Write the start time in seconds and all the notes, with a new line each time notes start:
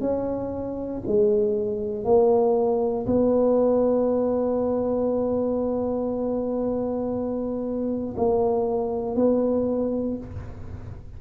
0.00 C#4
1.06 G#3
2.04 A#3
3.06 B3
8.17 A#3
9.15 B3